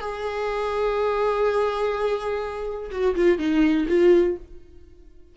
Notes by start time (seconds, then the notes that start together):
0.00 G#4
2.91 F#4
3.15 F4
3.38 D#4
3.88 F4